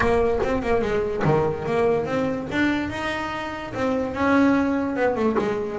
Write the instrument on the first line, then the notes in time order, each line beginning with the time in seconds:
double bass
0.00 A#3
0.43 C4
0.62 A#3
0.81 G#3
1.24 D#3
1.66 A#3
2.05 C4
2.51 D4
2.89 D#4
3.74 C4
4.14 C#4
4.96 B3
5.15 A3
5.38 G#3